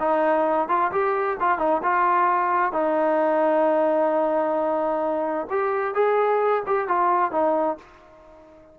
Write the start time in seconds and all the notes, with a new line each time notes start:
0.00 D#4
0.68 F4
0.92 G4
1.41 F4
1.59 D#4
1.83 F4
2.73 D#4
5.50 G4
5.95 G#4
6.67 G4
6.88 F4
7.32 D#4